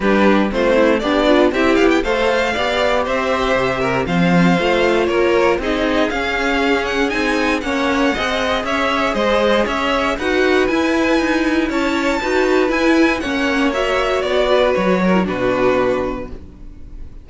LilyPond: <<
  \new Staff \with { instrumentName = "violin" } { \time 4/4 \tempo 4 = 118 b'4 c''4 d''4 e''8 f''16 g''16 | f''2 e''2 | f''2 cis''4 dis''4 | f''4. fis''8 gis''4 fis''4~ |
fis''4 e''4 dis''4 e''4 | fis''4 gis''2 a''4~ | a''4 gis''4 fis''4 e''4 | d''4 cis''4 b'2 | }
  \new Staff \with { instrumentName = "violin" } { \time 4/4 g'4 f'8 e'8 d'4 g'4 | c''4 d''4 c''4. ais'8 | c''2 ais'4 gis'4~ | gis'2. cis''4 |
dis''4 cis''4 c''4 cis''4 | b'2. cis''4 | b'2 cis''2~ | cis''8 b'4 ais'8 fis'2 | }
  \new Staff \with { instrumentName = "viola" } { \time 4/4 d'4 c'4 g'8 f'8 e'4 | a'4 g'2. | c'4 f'2 dis'4 | cis'2 dis'4 cis'4 |
gis'1 | fis'4 e'2. | fis'4 e'4 cis'4 fis'4~ | fis'4.~ fis'16 e'16 d'2 | }
  \new Staff \with { instrumentName = "cello" } { \time 4/4 g4 a4 b4 c'8 b8 | a4 b4 c'4 c4 | f4 a4 ais4 c'4 | cis'2 c'4 ais4 |
c'4 cis'4 gis4 cis'4 | dis'4 e'4 dis'4 cis'4 | dis'4 e'4 ais2 | b4 fis4 b,2 | }
>>